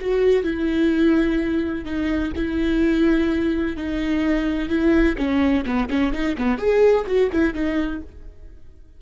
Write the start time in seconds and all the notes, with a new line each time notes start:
0.00 F#4
0.44 E4
1.85 D#4
2.36 E4
3.76 D#4
4.69 E4
5.17 C#4
5.65 B3
5.89 C#4
6.12 D#4
6.37 B3
6.57 G#4
7.07 F#4
7.32 E4
7.54 D#4